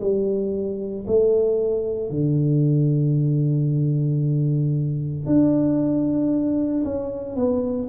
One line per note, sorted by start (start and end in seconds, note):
0.00 1.05 G3
1.07 2.10 A3
2.10 5.26 D3
5.26 6.84 D4
6.84 7.36 C#4
7.36 7.89 B3